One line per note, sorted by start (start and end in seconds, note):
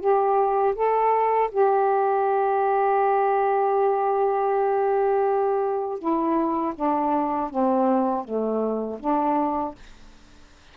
0.00 0.75 G4
0.75 1.50 A4
1.52 5.99 G4
5.99 6.74 E4
6.75 7.50 D4
7.50 8.25 C4
8.25 9.00 A3
9.00 9.75 D4